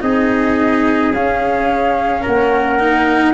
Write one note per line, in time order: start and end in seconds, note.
0.00 1.12 C4
0.00 1.11 D#4
0.00 2.22 G#4
0.00 1.13 D#5
1.12 2.23 C#4
1.12 2.79 C#4
1.12 2.25 F5
2.22 3.34 A#3
2.22 3.33 A#4
2.22 3.34 F#5
2.79 3.34 D#4